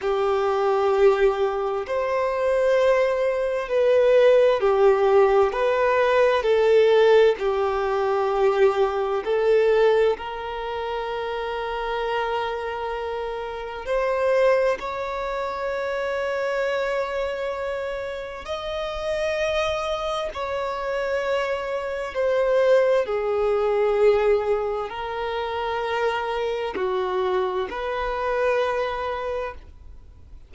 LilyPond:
\new Staff \with { instrumentName = "violin" } { \time 4/4 \tempo 4 = 65 g'2 c''2 | b'4 g'4 b'4 a'4 | g'2 a'4 ais'4~ | ais'2. c''4 |
cis''1 | dis''2 cis''2 | c''4 gis'2 ais'4~ | ais'4 fis'4 b'2 | }